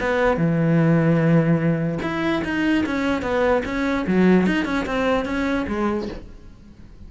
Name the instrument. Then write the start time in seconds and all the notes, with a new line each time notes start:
cello
0.00 B3
0.37 E3
2.02 E4
2.45 D#4
2.86 C#4
3.22 B3
3.65 C#4
4.07 F#3
4.46 D#4
4.65 C#4
4.86 C4
5.25 C#4
5.68 G#3